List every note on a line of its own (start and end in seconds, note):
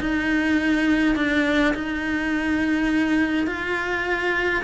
0.00 1.15 D#4
1.15 1.74 D4
1.74 3.47 D#4
3.47 4.63 F4